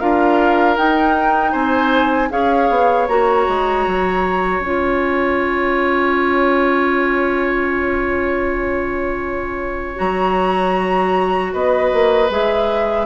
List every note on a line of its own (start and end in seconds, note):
0.00 0.77 D4
0.00 0.77 F4
0.00 1.52 A#4
0.00 0.77 F5
0.77 2.30 D#4
0.77 1.54 D#4
0.77 1.53 G5
1.52 2.31 C4
1.52 2.29 C5
1.52 2.30 G#5
2.30 2.70 C#4
2.30 3.07 G#4
2.30 11.53 C#5
2.30 3.08 F5
2.70 3.08 B3
3.08 3.47 A#3
3.08 4.63 F#4
3.08 4.62 A#5
3.48 3.87 G#3
3.87 4.60 F#3
4.60 9.98 C#4
4.60 9.96 F4
4.60 9.99 G#5
9.96 11.54 F#3
9.96 12.27 F#4
9.96 11.53 A#5
11.53 11.92 B3
11.53 13.07 B4
11.53 12.31 D#5
11.93 12.30 A#3
12.30 13.07 G#3
12.30 13.07 G#4
12.30 13.07 E5